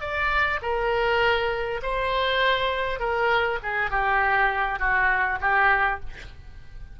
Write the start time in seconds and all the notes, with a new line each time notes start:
0.00 D5
0.62 A#4
1.82 C5
2.99 A#4
3.62 G#4
3.90 G4
4.79 F#4
5.40 G4